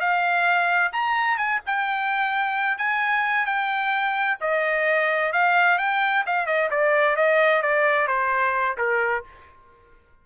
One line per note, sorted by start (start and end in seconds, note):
0.00 0.92 F5
0.93 1.37 A#5
1.37 1.60 G#5
1.66 2.78 G5
2.78 3.46 G#5
3.46 4.38 G5
4.41 5.32 D#5
5.32 5.78 F5
5.78 6.24 G5
6.26 6.46 F5
6.46 6.69 D#5
6.71 7.16 D5
7.16 7.62 D#5
7.62 8.08 D5
8.08 8.77 C5
8.78 9.24 A#4